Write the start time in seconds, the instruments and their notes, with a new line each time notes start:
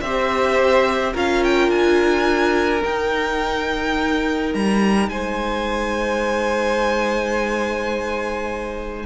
0.00 cello C4, viola G4, violin C5 E5
1.13 cello C#4, viola F4, violin A#4 F5
1.43 violin G5
1.68 cello D4, violin G#5
2.82 viola D#4, cello D#4, violin G5
4.53 cello G3, violin A#5
5.08 cello G#3, violin C5 G#5